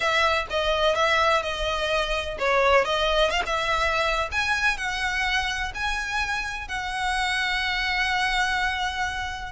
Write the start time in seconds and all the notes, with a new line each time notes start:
0.00 E5
0.49 D#5
0.95 E5
1.42 D#5
2.39 C#5
2.84 D#5
3.30 F5
3.46 E5
4.31 G#5
4.77 F#5
5.74 G#5
6.68 F#5